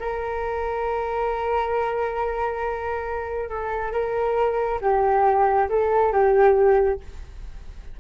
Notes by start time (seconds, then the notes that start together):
0.00 A#4
3.49 A4
3.92 A#4
4.81 G4
5.69 A4
6.13 G4